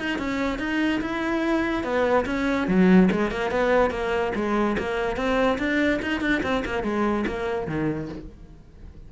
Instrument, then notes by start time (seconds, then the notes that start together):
cello
0.00 D#4
0.19 C#4
0.59 D#4
1.02 E4
1.84 B3
2.26 C#4
2.68 F#3
3.11 G#3
3.31 A#3
3.51 B3
3.91 A#3
4.35 G#3
4.79 A#3
5.17 C4
5.59 D4
6.02 D#4
6.21 D4
6.43 C4
6.66 A#3
6.83 G#3
7.27 A#3
7.67 D#3